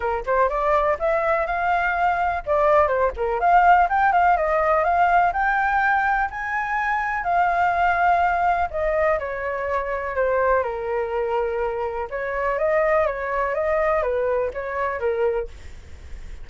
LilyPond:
\new Staff \with { instrumentName = "flute" } { \time 4/4 \tempo 4 = 124 ais'8 c''8 d''4 e''4 f''4~ | f''4 d''4 c''8 ais'8 f''4 | g''8 f''8 dis''4 f''4 g''4~ | g''4 gis''2 f''4~ |
f''2 dis''4 cis''4~ | cis''4 c''4 ais'2~ | ais'4 cis''4 dis''4 cis''4 | dis''4 b'4 cis''4 ais'4 | }